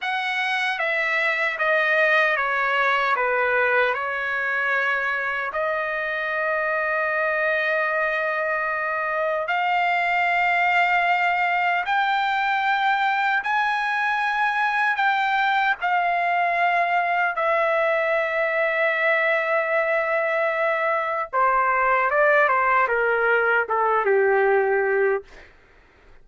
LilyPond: \new Staff \with { instrumentName = "trumpet" } { \time 4/4 \tempo 4 = 76 fis''4 e''4 dis''4 cis''4 | b'4 cis''2 dis''4~ | dis''1 | f''2. g''4~ |
g''4 gis''2 g''4 | f''2 e''2~ | e''2. c''4 | d''8 c''8 ais'4 a'8 g'4. | }